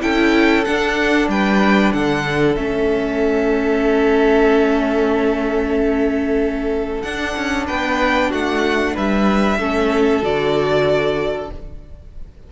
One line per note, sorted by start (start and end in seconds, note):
0.00 0.66 C#4
0.00 0.64 E4
0.00 1.30 A4
0.00 0.64 G5
0.64 2.56 D4
0.64 1.28 D4
0.64 1.28 F#5
1.28 1.91 G3
1.28 1.94 B4
1.28 1.92 G5
1.92 2.56 D3
1.92 7.66 A4
1.92 2.55 F#5
2.55 7.03 A3
2.55 7.03 C#4
2.55 7.01 E5
7.01 7.35 D4
7.01 9.60 D4
7.01 7.65 F#5
7.36 7.68 C#4
7.66 8.32 B3
7.66 8.29 B4
7.66 8.31 G5
8.29 8.96 A3
8.29 8.93 F#4
8.29 8.96 F#5
8.94 9.59 G3
8.94 9.57 B4
8.94 10.24 E5
9.59 10.22 A3
9.59 10.22 C#4
9.59 11.51 A4
10.22 11.50 D3
10.22 11.49 F#4
10.22 11.52 D5